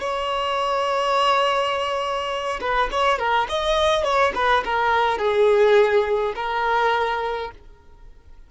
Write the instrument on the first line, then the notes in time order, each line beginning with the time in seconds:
violin
0.00 C#5
2.60 B4
2.91 C#5
3.18 A#4
3.49 D#5
4.04 C#5
4.35 B4
4.64 A#4
5.18 G#4
6.35 A#4